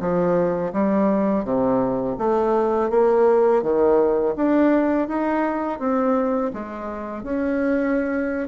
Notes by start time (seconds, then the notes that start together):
0.00 F3
0.73 G3
1.44 C3
2.18 A3
2.90 A#3
3.62 D#3
4.36 D4
5.08 D#4
5.79 C4
6.53 G#3
7.23 C#4